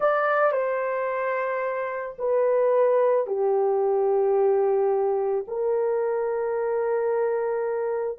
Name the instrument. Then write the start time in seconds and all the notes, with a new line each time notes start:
horn
0.00 D5
0.52 C5
2.18 B4
3.26 G4
5.47 A#4